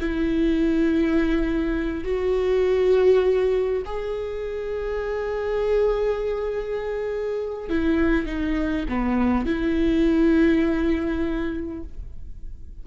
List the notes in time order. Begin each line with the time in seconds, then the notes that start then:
0.00 E4
2.04 F#4
3.86 G#4
7.70 E4
8.26 D#4
8.89 B3
9.46 E4